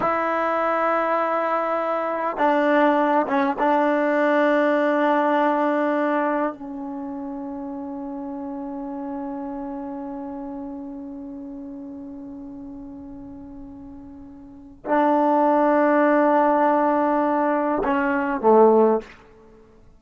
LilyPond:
\new Staff \with { instrumentName = "trombone" } { \time 4/4 \tempo 4 = 101 e'1 | d'4. cis'8 d'2~ | d'2. cis'4~ | cis'1~ |
cis'1~ | cis'1~ | cis'4 d'2.~ | d'2 cis'4 a4 | }